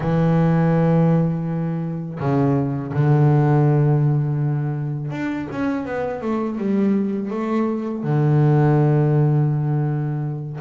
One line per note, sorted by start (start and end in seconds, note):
0.00 2.19 E3
2.20 2.93 C#3
2.93 5.11 D3
5.11 5.47 D4
5.51 5.85 C#4
5.85 6.21 B3
6.21 6.58 A3
6.58 7.30 G3
7.30 8.03 A3
8.03 10.59 D3